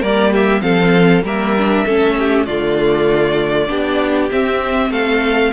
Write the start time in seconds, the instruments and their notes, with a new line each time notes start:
0.00 cello G3, viola A#3, violin A#4 D5
0.32 violin G4 E5
0.62 cello F3, viola C4, violin A4 F5
1.23 cello G3, viola A#3, violin A#4 E5
1.57 viola D4
1.85 cello A3, viola C#4, violin A4
2.19 violin G4
2.46 cello D3, viola A3, violin F4 D5
3.68 cello B3, viola D4, violin G4
4.31 viola C4, cello C4, violin E5
4.90 cello A3, violin A4 F5